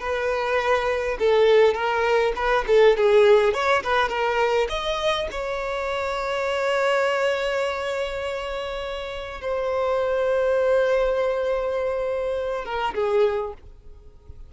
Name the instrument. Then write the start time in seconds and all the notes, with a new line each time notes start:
violin
0.00 B4
1.19 A4
1.74 A#4
2.36 B4
2.68 A4
2.97 G#4
3.54 C#5
3.84 B4
4.09 A#4
4.69 D#5
5.31 C#5
9.41 C5
12.65 A#4
12.95 G#4